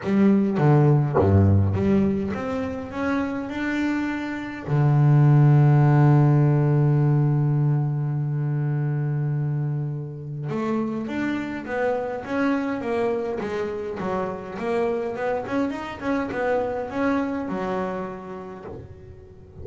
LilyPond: \new Staff \with { instrumentName = "double bass" } { \time 4/4 \tempo 4 = 103 g4 d4 g,4 g4 | c'4 cis'4 d'2 | d1~ | d1~ |
d2 a4 d'4 | b4 cis'4 ais4 gis4 | fis4 ais4 b8 cis'8 dis'8 cis'8 | b4 cis'4 fis2 | }